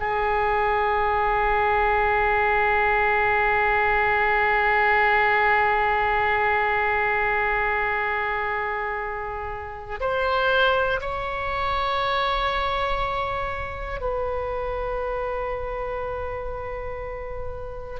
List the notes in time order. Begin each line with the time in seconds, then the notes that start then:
0.00 G#4
10.00 C5
11.00 C#5
14.01 B4